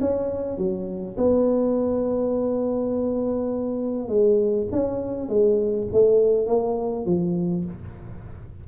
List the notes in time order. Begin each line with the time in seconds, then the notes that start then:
0.00 C#4
0.57 F#3
1.17 B3
4.08 G#3
4.72 C#4
5.28 G#3
5.92 A3
6.46 A#3
7.05 F3